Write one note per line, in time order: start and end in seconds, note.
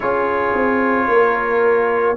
0.00 0.53 C#4
0.00 2.16 F4
0.00 1.08 G#4
0.00 2.17 C#5
0.53 1.07 C4
1.07 2.16 A#3
1.07 2.17 A#4